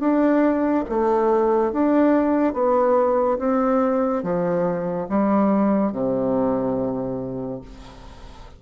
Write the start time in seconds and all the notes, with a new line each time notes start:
0.00 D4
0.90 A3
1.72 D4
2.54 B3
3.39 C4
4.24 F3
5.09 G3
5.93 C3